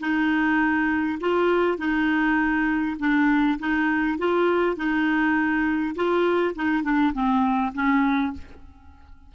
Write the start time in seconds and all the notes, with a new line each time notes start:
0.00 D#4
1.20 F4
1.78 D#4
2.99 D4
3.59 D#4
4.18 F4
4.77 D#4
5.95 F4
6.55 D#4
6.83 D4
7.13 C4
7.74 C#4